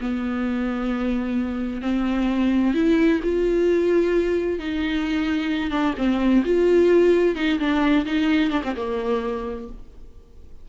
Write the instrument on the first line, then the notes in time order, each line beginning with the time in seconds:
viola
0.00 B3
1.81 C4
2.74 E4
3.23 F4
4.59 D#4
5.70 D4
5.97 C4
6.44 F4
7.35 D#4
7.59 D4
8.05 D#4
8.50 D4
8.63 C4
8.76 A#3